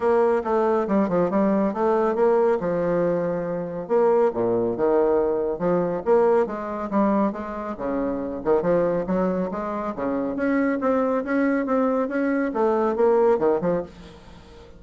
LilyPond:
\new Staff \with { instrumentName = "bassoon" } { \time 4/4 \tempo 4 = 139 ais4 a4 g8 f8 g4 | a4 ais4 f2~ | f4 ais4 ais,4 dis4~ | dis4 f4 ais4 gis4 |
g4 gis4 cis4. dis8 | f4 fis4 gis4 cis4 | cis'4 c'4 cis'4 c'4 | cis'4 a4 ais4 dis8 f8 | }